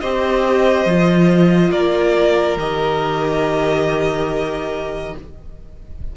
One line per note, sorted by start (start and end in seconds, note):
0.00 0.85 C4
0.00 0.87 G4
0.00 1.70 C5
0.00 1.71 D#5
0.85 1.71 F3
0.85 2.59 F4
1.70 2.56 A#3
1.70 5.13 A#4
1.70 2.57 D5
2.56 5.14 D#3
2.56 5.16 G4
2.56 5.16 D#5